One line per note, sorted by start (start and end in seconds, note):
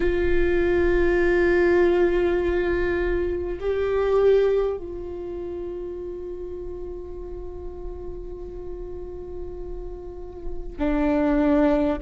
0.00 3.59 F4
3.60 4.77 G4
4.77 10.77 F4
10.78 11.98 D4